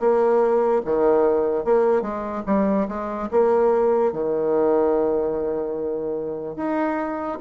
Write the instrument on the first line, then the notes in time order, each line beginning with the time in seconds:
bassoon
0.00 A#3
0.86 D#3
1.65 A#3
2.02 G#3
2.47 G3
2.88 G#3
3.31 A#3
4.13 D#3
6.57 D#4